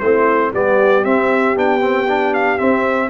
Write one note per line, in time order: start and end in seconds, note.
0.00 0.54 A3
0.00 0.54 C4
0.00 0.52 E4
0.00 0.52 C5
0.52 1.05 G3
0.52 1.05 B3
0.52 3.11 G4
0.52 1.05 D5
1.05 1.56 C4
1.05 1.57 E5
1.56 2.60 B3
1.56 1.81 D4
1.56 2.35 G5
1.81 2.07 C4
2.09 2.59 D4
2.35 2.58 F5
2.58 3.10 C4
2.58 3.11 C4
2.58 3.10 E5